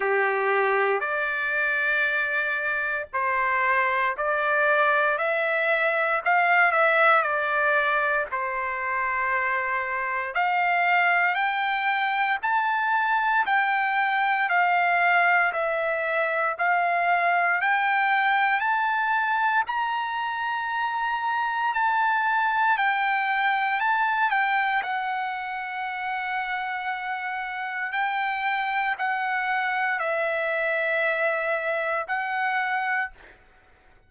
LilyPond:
\new Staff \with { instrumentName = "trumpet" } { \time 4/4 \tempo 4 = 58 g'4 d''2 c''4 | d''4 e''4 f''8 e''8 d''4 | c''2 f''4 g''4 | a''4 g''4 f''4 e''4 |
f''4 g''4 a''4 ais''4~ | ais''4 a''4 g''4 a''8 g''8 | fis''2. g''4 | fis''4 e''2 fis''4 | }